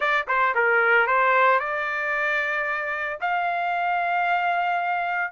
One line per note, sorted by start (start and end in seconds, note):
0.00 0.26 D5
0.27 0.54 C5
0.54 1.06 A#4
1.06 1.59 C5
1.59 3.19 D5
3.20 5.31 F5